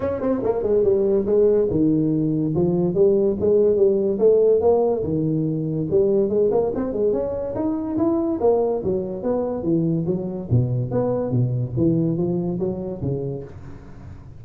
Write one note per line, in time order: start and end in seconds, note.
0.00 0.21 C#4
0.21 0.42 C4
0.43 0.62 A#3
0.62 0.83 G#3
0.83 1.25 G3
1.26 1.68 G#3
1.70 2.54 D#3
2.55 2.94 F3
2.94 3.36 G3
3.39 3.76 G#3
3.76 4.18 G3
4.18 4.60 A3
4.60 5.02 A#3
5.03 5.87 D#3
5.90 6.29 G3
6.29 6.50 G#3
6.51 6.72 A#3
6.75 6.92 C4
6.92 7.12 G#3
7.12 7.54 C#4
7.55 7.97 D#4
7.97 8.39 E4
8.40 8.82 A#3
8.83 9.22 F#3
9.22 9.63 B3
9.63 10.05 E3
10.06 10.48 F#3
10.50 10.91 B2
10.91 11.31 B3
11.31 11.73 B2
11.77 12.17 E3
12.17 12.59 F3
12.59 13.01 F#3
13.01 13.43 C#3